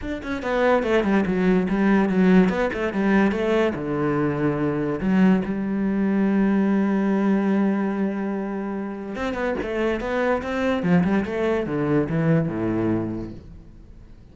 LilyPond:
\new Staff \with { instrumentName = "cello" } { \time 4/4 \tempo 4 = 144 d'8 cis'8 b4 a8 g8 fis4 | g4 fis4 b8 a8 g4 | a4 d2. | fis4 g2.~ |
g1~ | g2 c'8 b8 a4 | b4 c'4 f8 g8 a4 | d4 e4 a,2 | }